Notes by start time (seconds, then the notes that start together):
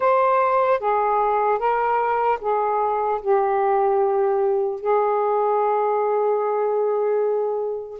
0.00 C5
0.80 G#4
1.59 A#4
2.40 G#4
3.21 G4
4.80 G#4